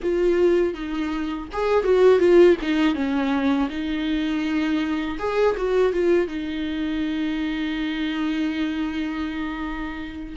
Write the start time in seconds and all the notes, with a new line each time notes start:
0.02 F4
0.74 D#4
1.52 G#4
1.84 F#4
2.19 F4
2.61 D#4
2.94 C#4
3.69 D#4
5.18 G#4
5.57 F#4
5.93 F4
6.27 D#4